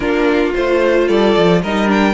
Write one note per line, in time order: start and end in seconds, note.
0.00 0.52 A#3
0.00 0.53 D4
0.00 1.07 F4
0.00 0.52 A#4
0.55 1.08 A3
0.55 1.63 F4
0.55 1.07 C5
1.07 1.35 G3
1.07 1.61 A4
1.07 1.61 D5
1.36 1.63 F3
1.62 2.13 G3
1.62 1.86 D#4
1.62 2.13 A#4
1.62 1.90 D#5
1.86 2.13 D4
1.86 2.13 G5